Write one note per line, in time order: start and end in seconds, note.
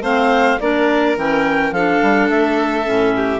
0.00 0.57 A3
0.00 0.58 C4
0.00 0.58 C5
0.00 0.59 F5
0.59 1.16 A#3
0.59 1.17 D4
0.59 1.73 A#4
0.59 1.16 D5
1.16 1.71 E3
1.16 1.73 C#4
1.16 1.72 G5
1.71 1.99 F3
1.71 2.84 D4
1.71 3.15 A4
1.71 2.29 F5
2.02 2.29 G3
2.29 2.86 A3
2.29 3.39 E5
2.84 3.39 A2
2.84 3.39 C#4
3.15 3.39 G4